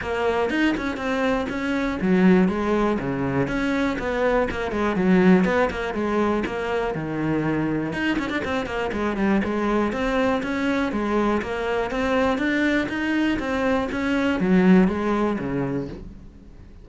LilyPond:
\new Staff \with { instrumentName = "cello" } { \time 4/4 \tempo 4 = 121 ais4 dis'8 cis'8 c'4 cis'4 | fis4 gis4 cis4 cis'4 | b4 ais8 gis8 fis4 b8 ais8 | gis4 ais4 dis2 |
dis'8 cis'16 d'16 c'8 ais8 gis8 g8 gis4 | c'4 cis'4 gis4 ais4 | c'4 d'4 dis'4 c'4 | cis'4 fis4 gis4 cis4 | }